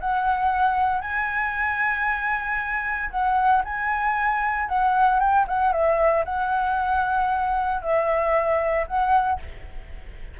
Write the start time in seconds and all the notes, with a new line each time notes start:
0.00 F#5
1.01 G#5
3.10 F#5
3.64 G#5
4.68 F#5
5.20 G5
5.48 F#5
5.72 E5
6.25 F#5
7.81 E5
8.87 F#5